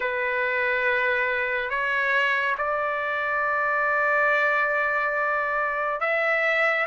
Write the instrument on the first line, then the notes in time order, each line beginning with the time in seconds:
trumpet
0.00 B4
1.69 C#5
2.57 D5
6.00 E5